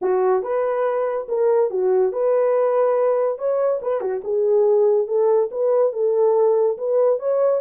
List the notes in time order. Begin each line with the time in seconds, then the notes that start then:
0.01 F#4
0.42 B4
1.28 A#4
1.70 F#4
2.12 B4
3.38 C#5
3.81 B4
4.00 F#4
4.23 G#4
5.07 A4
5.51 B4
5.92 A4
6.77 B4
7.19 C#5